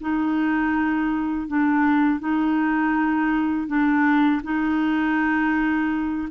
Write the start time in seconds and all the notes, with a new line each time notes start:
0.00 D#4
1.47 D4
2.19 D#4
3.67 D4
4.43 D#4